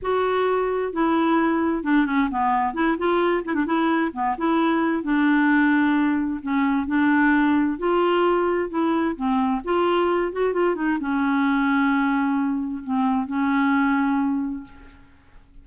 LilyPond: \new Staff \with { instrumentName = "clarinet" } { \time 4/4 \tempo 4 = 131 fis'2 e'2 | d'8 cis'8 b4 e'8 f'4 e'16 d'16 | e'4 b8 e'4. d'4~ | d'2 cis'4 d'4~ |
d'4 f'2 e'4 | c'4 f'4. fis'8 f'8 dis'8 | cis'1 | c'4 cis'2. | }